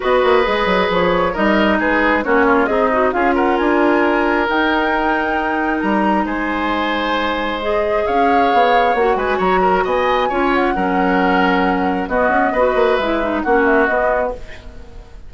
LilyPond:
<<
  \new Staff \with { instrumentName = "flute" } { \time 4/4 \tempo 4 = 134 dis''2 cis''4 dis''4 | b'4 cis''4 dis''4 f''8 fis''8 | gis''2 g''2~ | g''4 ais''4 gis''2~ |
gis''4 dis''4 f''2 | fis''8 gis''8 ais''4 gis''4. fis''8~ | fis''2. dis''4~ | dis''4 e''4 fis''8 e''8 dis''4 | }
  \new Staff \with { instrumentName = "oboe" } { \time 4/4 b'2. ais'4 | gis'4 fis'8 f'8 dis'4 gis'8 ais'8~ | ais'1~ | ais'2 c''2~ |
c''2 cis''2~ | cis''8 b'8 cis''8 ais'8 dis''4 cis''4 | ais'2. fis'4 | b'2 fis'2 | }
  \new Staff \with { instrumentName = "clarinet" } { \time 4/4 fis'4 gis'2 dis'4~ | dis'4 cis'4 gis'8 fis'8 f'4~ | f'2 dis'2~ | dis'1~ |
dis'4 gis'2. | fis'2. f'4 | cis'2. b4 | fis'4 e'8 dis'8 cis'4 b4 | }
  \new Staff \with { instrumentName = "bassoon" } { \time 4/4 b8 ais8 gis8 fis8 f4 g4 | gis4 ais4 c'4 cis'4 | d'2 dis'2~ | dis'4 g4 gis2~ |
gis2 cis'4 b4 | ais8 gis8 fis4 b4 cis'4 | fis2. b8 cis'8 | b8 ais8 gis4 ais4 b4 | }
>>